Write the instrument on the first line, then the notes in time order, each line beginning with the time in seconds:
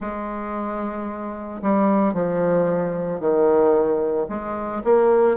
bassoon
0.00 G#3
1.62 G3
2.13 F3
3.19 D#3
4.29 G#3
4.84 A#3